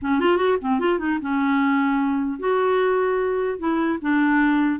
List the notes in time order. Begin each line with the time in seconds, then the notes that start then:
0.02 C#4
0.20 F4
0.37 F#4
0.61 C4
0.79 F4
0.98 D#4
1.21 C#4
2.39 F#4
3.58 E4
4.01 D4